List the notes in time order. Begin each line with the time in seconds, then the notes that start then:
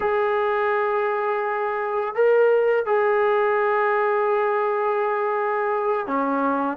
0.00 G#4
2.14 A#4
2.85 G#4
6.06 C#4